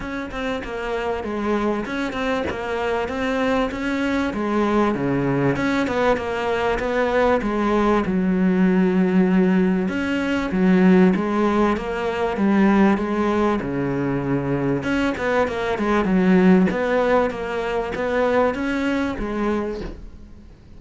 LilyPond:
\new Staff \with { instrumentName = "cello" } { \time 4/4 \tempo 4 = 97 cis'8 c'8 ais4 gis4 cis'8 c'8 | ais4 c'4 cis'4 gis4 | cis4 cis'8 b8 ais4 b4 | gis4 fis2. |
cis'4 fis4 gis4 ais4 | g4 gis4 cis2 | cis'8 b8 ais8 gis8 fis4 b4 | ais4 b4 cis'4 gis4 | }